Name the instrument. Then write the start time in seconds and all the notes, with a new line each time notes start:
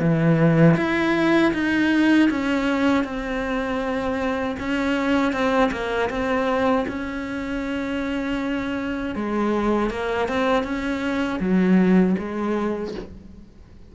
cello
0.00 E3
0.77 E4
1.53 D#4
2.30 C#4
3.04 C4
4.59 C#4
5.33 C4
5.71 A#3
6.10 C4
6.88 C#4
9.16 G#3
9.90 A#3
10.28 C4
10.64 C#4
11.40 F#3
12.19 G#3